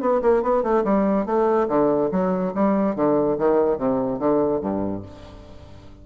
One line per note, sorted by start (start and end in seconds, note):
0.00 0.21 B3
0.21 0.42 A#3
0.42 0.63 B3
0.63 0.84 A3
0.84 1.25 G3
1.25 1.67 A3
1.68 2.10 D3
2.11 2.53 F#3
2.54 2.95 G3
2.95 3.37 D3
3.38 3.77 D#3
3.77 4.19 C3
4.19 4.60 D3
4.60 5.02 G2